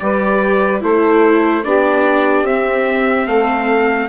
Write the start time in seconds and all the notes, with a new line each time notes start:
0.00 G3 G4 B4 D5
0.81 A3 E4 A4 C5
1.65 B3 D4 G4 D5
2.43 C4 E5
3.27 A3 A4 F5